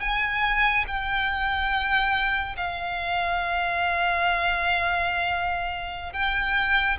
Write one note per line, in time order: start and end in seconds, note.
0.00 0.85 G#5
0.87 2.56 G5
2.56 6.13 F5
6.13 6.97 G5